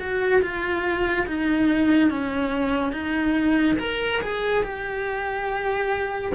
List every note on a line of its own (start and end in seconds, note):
0.00 0.42 F#4
0.42 1.27 F4
1.27 2.10 D#4
2.10 2.93 C#4
2.93 3.77 D#4
3.80 4.22 A#4
4.22 4.64 G#4
4.64 6.33 G4